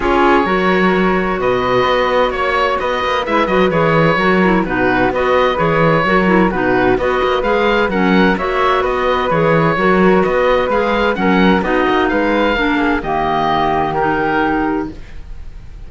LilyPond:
<<
  \new Staff \with { instrumentName = "oboe" } { \time 4/4 \tempo 4 = 129 cis''2. dis''4~ | dis''4 cis''4 dis''4 e''8 dis''8 | cis''2 b'4 dis''4 | cis''2 b'4 dis''4 |
f''4 fis''4 e''4 dis''4 | cis''2 dis''4 f''4 | fis''4 dis''4 f''2 | dis''2 ais'2 | }
  \new Staff \with { instrumentName = "flute" } { \time 4/4 gis'4 ais'2 b'4~ | b'4 cis''4 b'2~ | b'4 ais'4 fis'4 b'4~ | b'4 ais'4 fis'4 b'4~ |
b'4 ais'4 cis''4 b'4~ | b'4 ais'4 b'2 | ais'4 fis'4 b'4 ais'8 gis'8 | g'1 | }
  \new Staff \with { instrumentName = "clarinet" } { \time 4/4 f'4 fis'2.~ | fis'2. e'8 fis'8 | gis'4 fis'8 e'8 dis'4 fis'4 | gis'4 fis'8 e'8 dis'4 fis'4 |
gis'4 cis'4 fis'2 | gis'4 fis'2 gis'4 | cis'4 dis'2 d'4 | ais2 dis'2 | }
  \new Staff \with { instrumentName = "cello" } { \time 4/4 cis'4 fis2 b,4 | b4 ais4 b8 ais8 gis8 fis8 | e4 fis4 b,4 b4 | e4 fis4 b,4 b8 ais8 |
gis4 fis4 ais4 b4 | e4 fis4 b4 gis4 | fis4 b8 ais8 gis4 ais4 | dis1 | }
>>